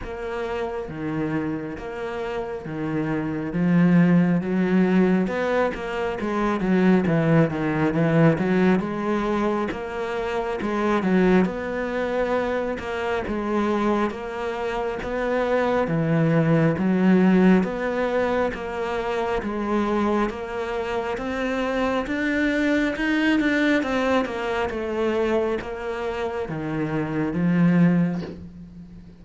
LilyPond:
\new Staff \with { instrumentName = "cello" } { \time 4/4 \tempo 4 = 68 ais4 dis4 ais4 dis4 | f4 fis4 b8 ais8 gis8 fis8 | e8 dis8 e8 fis8 gis4 ais4 | gis8 fis8 b4. ais8 gis4 |
ais4 b4 e4 fis4 | b4 ais4 gis4 ais4 | c'4 d'4 dis'8 d'8 c'8 ais8 | a4 ais4 dis4 f4 | }